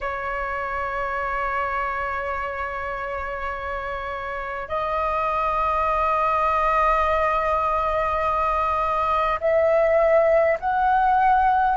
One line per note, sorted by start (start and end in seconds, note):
0.01 4.68 C#5
4.68 9.39 D#5
9.40 10.58 E5
10.59 11.76 F#5